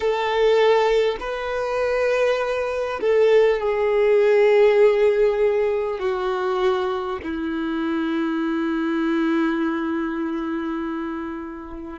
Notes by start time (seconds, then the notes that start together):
0.00 A4
1.19 B4
3.01 A4
3.60 G#4
5.99 F#4
7.22 E4